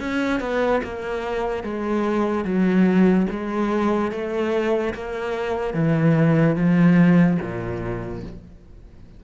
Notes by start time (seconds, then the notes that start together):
0.00 C#4
0.40 B3
0.83 A#3
1.63 G#3
2.44 F#3
3.30 G#3
4.11 A3
4.94 A#3
5.74 E3
6.56 F3
7.41 A#2